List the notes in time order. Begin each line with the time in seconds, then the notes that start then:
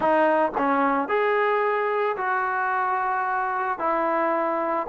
0.00 D#4
0.57 C#4
1.08 G#4
2.16 F#4
3.78 E4